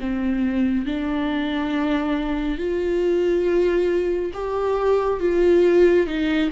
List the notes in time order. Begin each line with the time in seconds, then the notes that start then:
0.00 C4
0.85 D4
2.58 F4
4.33 G4
5.20 F4
6.06 D#4